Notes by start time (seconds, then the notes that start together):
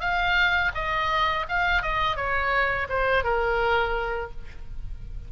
0.00 F5
0.74 D#5
1.49 F5
1.82 D#5
2.16 C#5
2.89 C5
3.24 A#4